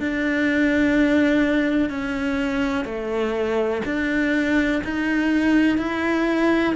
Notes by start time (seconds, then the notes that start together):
0.00 D4
1.90 C#4
2.85 A3
3.85 D4
4.84 D#4
5.78 E4